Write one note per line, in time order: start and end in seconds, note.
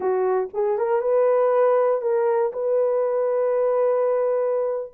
0.00 0.48 F#4
0.53 0.78 G#4
0.78 1.01 A#4
1.01 2.01 B4
2.01 2.52 A#4
2.52 4.92 B4